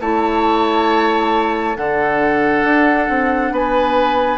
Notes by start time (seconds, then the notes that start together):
0.00 A3 E4 C#5 A5
1.75 D3 D4 A4 F#5
2.64 D4
3.08 C4
3.51 B3 B4 G#5